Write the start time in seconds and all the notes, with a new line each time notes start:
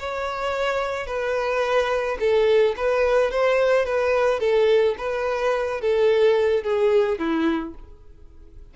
0.00 C#5
1.07 B4
2.20 A4
2.77 B4
3.31 C5
3.86 B4
4.40 A4
4.98 B4
5.81 A4
6.64 G#4
7.19 E4